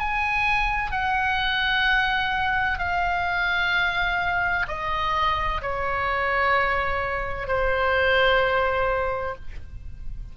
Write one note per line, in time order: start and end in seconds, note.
0.00 0.92 G#5
0.92 2.79 F#5
2.79 4.67 F5
4.68 5.62 D#5
5.62 7.48 C#5
7.48 9.35 C5